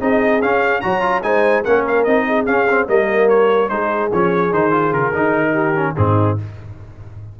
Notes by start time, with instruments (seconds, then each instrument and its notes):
0.00 tuba C4, trombone D#4, horn G#4, trumpet D#5
0.42 tuba C#4, trombone C#4, trumpet F5
0.81 tuba F#3, trombone F#4, horn C#5, trumpet A#5
1.01 trombone F4
1.23 tuba G#3, trombone D#4, horn C5, trumpet G#5
1.64 tuba A#3, trombone C#4, horn A#4, trumpet F#5
1.87 trumpet F5
2.04 tuba C4, trombone D#4, trumpet D#5
2.27 horn G#4
2.46 trombone C#4, tuba C#4, trumpet F5
2.69 trombone C4
2.88 tuba G3, trombone A#3, horn A#4, trumpet D#5
3.29 trumpet C#5
3.69 tuba G#3, trombone D#4, horn G#4, trumpet C5
4.12 tuba F3, trombone C#4, trumpet C#5
4.52 tuba D#3, trombone D#4, trumpet C5
4.71 trombone F4
4.93 tuba C#3, trumpet A#4
5.12 tuba D#3, trombone D#4
5.52 horn G4
5.75 trombone C#4
5.97 tuba G#2, trombone C4, horn D#4, trumpet G#4